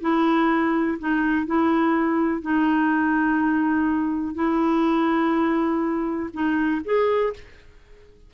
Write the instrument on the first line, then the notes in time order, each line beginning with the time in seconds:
clarinet
0.00 E4
0.98 D#4
1.46 E4
2.41 D#4
4.34 E4
6.33 D#4
6.84 G#4